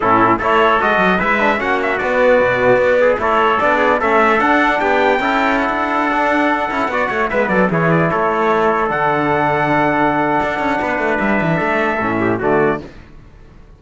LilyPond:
<<
  \new Staff \with { instrumentName = "trumpet" } { \time 4/4 \tempo 4 = 150 a'4 cis''4 dis''4 e''4 | fis''8 e''8 d''2. | cis''4 d''4 e''4 fis''4 | g''2 fis''2~ |
fis''2~ fis''16 e''8 d''8 cis''8 d''16~ | d''16 cis''2 fis''4.~ fis''16~ | fis''1 | e''2. d''4 | }
  \new Staff \with { instrumentName = "trumpet" } { \time 4/4 e'4 a'2 b'4 | fis'2.~ fis'8 gis'8 | a'4. gis'8 a'2 | g'4 a'2.~ |
a'4~ a'16 d''8 cis''8 b'8 a'8 gis'8.~ | gis'16 a'2.~ a'8.~ | a'2. b'4~ | b'4 a'4. g'8 fis'4 | }
  \new Staff \with { instrumentName = "trombone" } { \time 4/4 cis'4 e'4 fis'4 e'8 d'8 | cis'4 b2. | e'4 d'4 cis'4 d'4~ | d'4 e'2~ e'16 d'8.~ |
d'8. e'8 fis'4 b4 e'8.~ | e'2~ e'16 d'4.~ d'16~ | d'1~ | d'2 cis'4 a4 | }
  \new Staff \with { instrumentName = "cello" } { \time 4/4 a,4 a4 gis8 fis8 gis4 | ais4 b4 b,4 b4 | a4 b4 a4 d'4 | b4 cis'4~ cis'16 d'4.~ d'16~ |
d'8. cis'8 b8 a8 gis8 fis8 e8.~ | e16 a2 d4.~ d16~ | d2 d'8 cis'8 b8 a8 | g8 e8 a4 a,4 d4 | }
>>